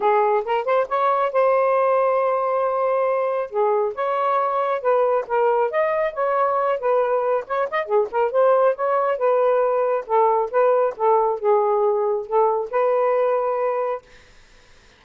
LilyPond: \new Staff \with { instrumentName = "saxophone" } { \time 4/4 \tempo 4 = 137 gis'4 ais'8 c''8 cis''4 c''4~ | c''1 | gis'4 cis''2 b'4 | ais'4 dis''4 cis''4. b'8~ |
b'4 cis''8 dis''8 gis'8 ais'8 c''4 | cis''4 b'2 a'4 | b'4 a'4 gis'2 | a'4 b'2. | }